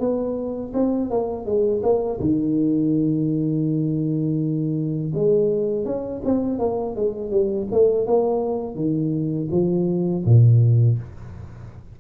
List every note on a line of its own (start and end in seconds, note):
0.00 0.73 B3
0.74 1.10 C4
1.11 1.46 A#3
1.46 1.82 G#3
1.83 2.20 A#3
2.20 5.13 D#3
5.15 5.86 G#3
5.86 6.22 C#4
6.25 6.59 C4
6.59 6.96 A#3
6.96 7.31 G#3
7.31 7.68 G3
7.72 8.07 A3
8.07 8.75 A#3
8.75 9.49 D#3
9.52 10.25 F3
10.25 10.99 A#2